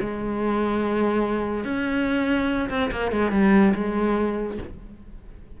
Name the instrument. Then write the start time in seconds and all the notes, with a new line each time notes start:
cello
0.00 G#3
1.64 C#4
2.69 C4
2.91 A#3
3.11 G#3
3.31 G3
3.74 G#3